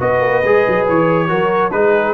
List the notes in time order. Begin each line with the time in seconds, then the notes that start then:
0.00 B3 F#4 B4 D#5
0.21 A#3
0.44 G#3 G#4
0.68 F#3
0.89 E3 C#5
1.28 F#3 F#4 A#4
1.71 G#3 D#4 G#4 B4